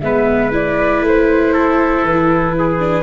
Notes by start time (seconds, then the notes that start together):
0.00 G#3 B3 B4 E5
0.51 E4 D5
1.01 A3
1.07 C5
1.53 A4
2.02 E3 B4
2.58 G#4
2.79 D4